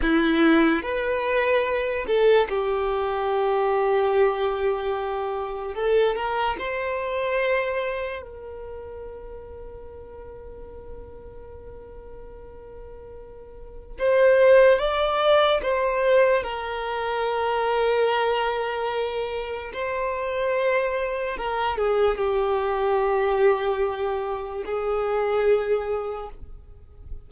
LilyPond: \new Staff \with { instrumentName = "violin" } { \time 4/4 \tempo 4 = 73 e'4 b'4. a'8 g'4~ | g'2. a'8 ais'8 | c''2 ais'2~ | ais'1~ |
ais'4 c''4 d''4 c''4 | ais'1 | c''2 ais'8 gis'8 g'4~ | g'2 gis'2 | }